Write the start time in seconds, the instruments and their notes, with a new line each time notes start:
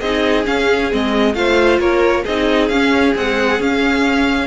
0.00 cello C4, viola D#4, violin G#4 D#5
0.46 viola C#4, cello C#4, violin F5
0.91 cello G#3, viola C4, violin D#5
1.34 cello A3, viola F4, violin C5 F5
1.79 cello A#3, violin A#4 C#5
2.23 cello C4, viola D#4, violin G#4 D#5
2.68 cello C#4, viola C#4, violin F5
3.15 viola G#3, cello C4, violin F#5
3.59 cello C#4, viola C#4, violin F5